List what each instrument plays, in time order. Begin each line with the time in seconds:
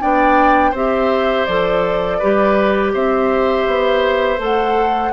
0.00 bassoon B3, clarinet D4, oboe D5, flute G5
0.71 bassoon C4, clarinet G4, oboe C5, flute E5
1.45 bassoon F3, clarinet A4, flute D5
2.18 bassoon G3, clarinet G4, oboe B4
2.93 bassoon C4, oboe C5, flute E5
3.67 bassoon B3
4.38 bassoon A3, clarinet A4, flute F#5